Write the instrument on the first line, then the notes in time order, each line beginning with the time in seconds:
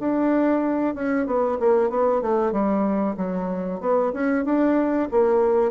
bassoon
0.00 D4
0.95 C#4
1.26 B3
1.60 A#3
1.90 B3
2.22 A3
2.52 G3
3.17 F#3
3.81 B3
4.13 C#4
4.45 D4
5.12 A#3